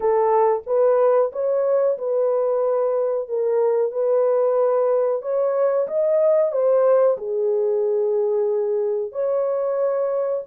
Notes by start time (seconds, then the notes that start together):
0.00 A4
0.66 B4
1.32 C#5
1.97 B4
3.28 A#4
3.91 B4
5.22 C#5
5.87 D#5
6.52 C5
7.17 G#4
9.12 C#5